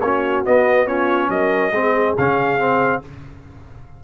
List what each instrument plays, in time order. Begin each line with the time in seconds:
0.00 tuba A#3, trombone C#4, horn F#4, trumpet C#5
0.45 trombone B3, tuba B3, trumpet D#5
0.87 trombone C#4, horn F4, trumpet C#5
1.29 tuba F#3, horn A#4, trumpet D#5
1.72 tuba G#3, trombone C4, horn G#4
2.18 tuba C#3, trombone C#4, trumpet F5
2.59 trombone C4